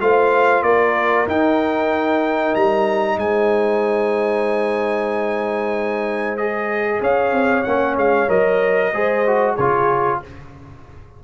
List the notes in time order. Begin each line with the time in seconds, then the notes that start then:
0.00 A3 F4 C5 F5
0.62 A#3 A#4 D5
1.27 D#4 G5
2.55 G3 A#5
3.16 G#3 C5 G#5
6.37 G#4 D#5
7.01 C#4 C#5 F5
7.32 C4
7.63 A#3 C#4 F#5
7.96 G#3 F5
8.28 F#3 A#4 D#5
8.92 G#3 G#4 C5
9.27 F#4
9.55 C#3 F4 G#4 C#5